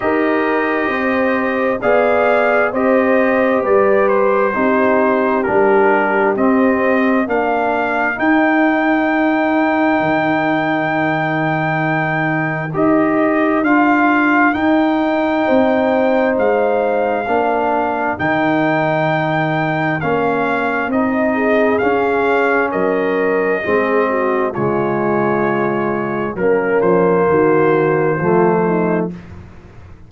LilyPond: <<
  \new Staff \with { instrumentName = "trumpet" } { \time 4/4 \tempo 4 = 66 dis''2 f''4 dis''4 | d''8 c''4. ais'4 dis''4 | f''4 g''2.~ | g''2 dis''4 f''4 |
g''2 f''2 | g''2 f''4 dis''4 | f''4 dis''2 cis''4~ | cis''4 ais'8 c''2~ c''8 | }
  \new Staff \with { instrumentName = "horn" } { \time 4/4 ais'4 c''4 d''4 c''4 | b'4 g'2. | ais'1~ | ais'1~ |
ais'4 c''2 ais'4~ | ais'2.~ ais'8 gis'8~ | gis'4 ais'4 gis'8 fis'8 f'4~ | f'4 cis'4 fis'4 f'8 dis'8 | }
  \new Staff \with { instrumentName = "trombone" } { \time 4/4 g'2 gis'4 g'4~ | g'4 dis'4 d'4 c'4 | d'4 dis'2.~ | dis'2 g'4 f'4 |
dis'2. d'4 | dis'2 cis'4 dis'4 | cis'2 c'4 gis4~ | gis4 ais2 a4 | }
  \new Staff \with { instrumentName = "tuba" } { \time 4/4 dis'4 c'4 b4 c'4 | g4 c'4 g4 c'4 | ais4 dis'2 dis4~ | dis2 dis'4 d'4 |
dis'4 c'4 gis4 ais4 | dis2 ais4 c'4 | cis'4 fis4 gis4 cis4~ | cis4 fis8 f8 dis4 f4 | }
>>